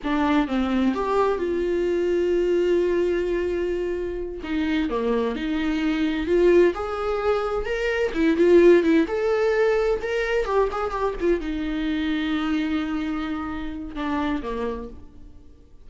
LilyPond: \new Staff \with { instrumentName = "viola" } { \time 4/4 \tempo 4 = 129 d'4 c'4 g'4 f'4~ | f'1~ | f'4. dis'4 ais4 dis'8~ | dis'4. f'4 gis'4.~ |
gis'8 ais'4 e'8 f'4 e'8 a'8~ | a'4. ais'4 g'8 gis'8 g'8 | f'8 dis'2.~ dis'8~ | dis'2 d'4 ais4 | }